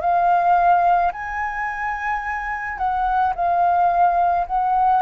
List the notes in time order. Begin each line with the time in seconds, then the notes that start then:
0.00 F5
1.12 G#5
2.78 F#5
3.35 F5
4.46 F#5